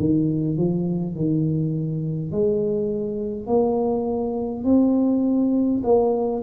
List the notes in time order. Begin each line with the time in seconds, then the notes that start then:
0.00 D#3
0.58 F3
1.16 D#3
2.32 G#3
3.47 A#3
4.64 C4
5.84 A#3